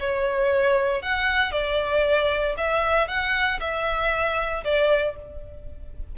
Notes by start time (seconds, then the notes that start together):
0.00 C#5
1.02 F#5
1.52 D5
2.57 E5
3.08 F#5
3.60 E5
4.64 D5